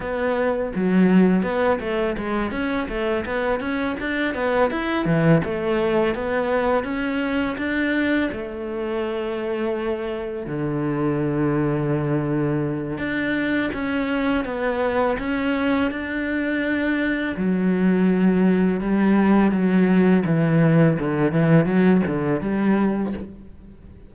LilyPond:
\new Staff \with { instrumentName = "cello" } { \time 4/4 \tempo 4 = 83 b4 fis4 b8 a8 gis8 cis'8 | a8 b8 cis'8 d'8 b8 e'8 e8 a8~ | a8 b4 cis'4 d'4 a8~ | a2~ a8 d4.~ |
d2 d'4 cis'4 | b4 cis'4 d'2 | fis2 g4 fis4 | e4 d8 e8 fis8 d8 g4 | }